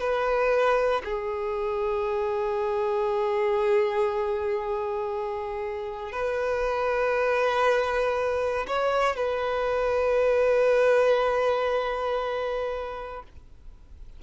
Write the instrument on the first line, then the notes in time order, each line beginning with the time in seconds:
violin
0.00 B4
1.04 G#4
6.12 B4
8.67 C#5
9.16 B4